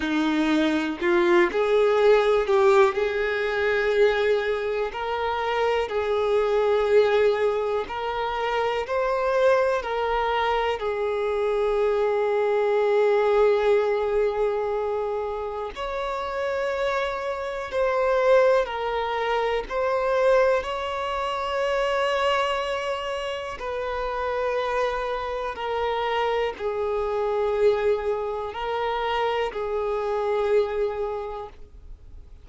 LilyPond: \new Staff \with { instrumentName = "violin" } { \time 4/4 \tempo 4 = 61 dis'4 f'8 gis'4 g'8 gis'4~ | gis'4 ais'4 gis'2 | ais'4 c''4 ais'4 gis'4~ | gis'1 |
cis''2 c''4 ais'4 | c''4 cis''2. | b'2 ais'4 gis'4~ | gis'4 ais'4 gis'2 | }